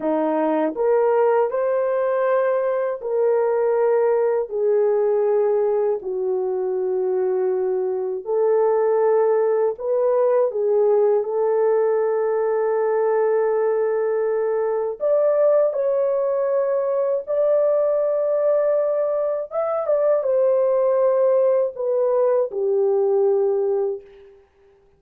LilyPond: \new Staff \with { instrumentName = "horn" } { \time 4/4 \tempo 4 = 80 dis'4 ais'4 c''2 | ais'2 gis'2 | fis'2. a'4~ | a'4 b'4 gis'4 a'4~ |
a'1 | d''4 cis''2 d''4~ | d''2 e''8 d''8 c''4~ | c''4 b'4 g'2 | }